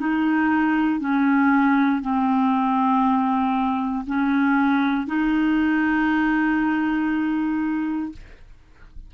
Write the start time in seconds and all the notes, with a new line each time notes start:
0.00 D#4
1.00 C#4
2.02 C4
4.07 C#4
5.08 D#4